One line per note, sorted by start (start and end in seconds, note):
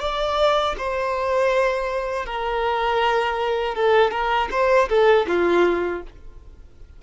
0.00 0.75 D5
0.78 2.25 C5
2.25 3.74 A#4
3.74 4.11 A4
4.11 4.48 A#4
4.51 4.88 C5
4.89 5.26 A4
5.27 6.02 F4